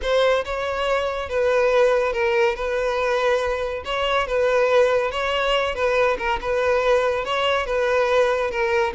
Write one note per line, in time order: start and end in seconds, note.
0.01 0.44 C5
0.44 1.29 C#5
1.29 2.13 B4
2.13 2.55 A#4
2.55 3.83 B4
3.84 4.27 C#5
4.27 5.11 B4
5.11 5.74 C#5
5.74 6.17 B4
6.18 6.39 A#4
6.41 7.24 B4
7.24 7.66 C#5
7.66 8.50 B4
8.50 8.93 A#4